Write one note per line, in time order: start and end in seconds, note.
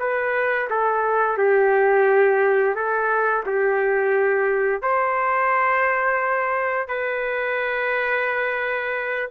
0.00 0.69 B4
0.70 1.38 A4
1.38 2.75 G4
2.75 3.44 A4
3.46 4.82 G4
4.82 6.88 C5
6.88 9.30 B4